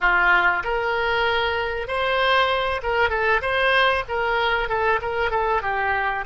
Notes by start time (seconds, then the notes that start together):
0.00 F4
0.63 A#4
1.87 C5
2.82 A#4
3.09 A4
3.41 C5
4.08 A#4
4.68 A4
5.01 A#4
5.30 A4
5.62 G4